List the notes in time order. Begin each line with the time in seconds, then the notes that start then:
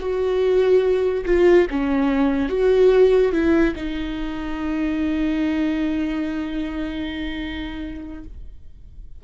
0.00 F#4
1.26 F4
1.70 C#4
2.49 F#4
3.33 E4
3.76 D#4